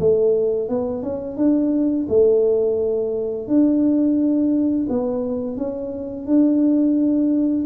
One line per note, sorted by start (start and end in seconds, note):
0.00 0.69 A3
0.69 1.03 B3
1.03 1.37 C#4
1.37 2.07 D4
2.09 3.48 A3
3.48 4.88 D4
4.90 5.58 B3
5.58 6.27 C#4
6.27 7.66 D4